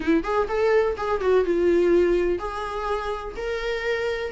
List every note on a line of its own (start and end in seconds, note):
0.00 0.23 E4
0.23 0.47 G#4
0.48 0.96 A4
0.97 1.20 G#4
1.20 1.44 F#4
1.44 2.38 F4
2.38 3.34 G#4
3.36 4.31 A#4